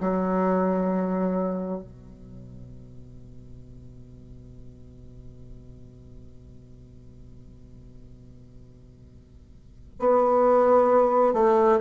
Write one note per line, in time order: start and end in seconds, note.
0.00 1.82 F#3
1.82 9.99 B2
9.99 11.33 B3
11.33 11.79 A3